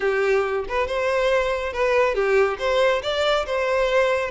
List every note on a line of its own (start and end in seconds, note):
0.00 0.65 G4
0.68 0.87 B4
0.87 1.72 C5
1.72 2.14 B4
2.14 2.57 G4
2.59 3.02 C5
3.02 3.45 D5
3.46 4.30 C5